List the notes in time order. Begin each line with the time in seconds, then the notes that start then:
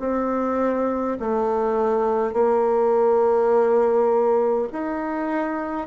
0.00 C4
1.20 A3
2.33 A#3
4.73 D#4